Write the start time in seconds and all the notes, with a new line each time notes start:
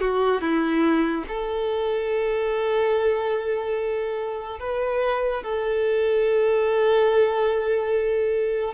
0.00 F#4
0.41 E4
1.28 A4
4.59 B4
5.43 A4